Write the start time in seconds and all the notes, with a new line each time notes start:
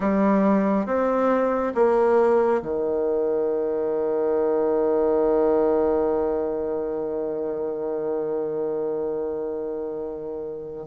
0.00 G3
0.86 C4
1.74 A#3
2.62 D#3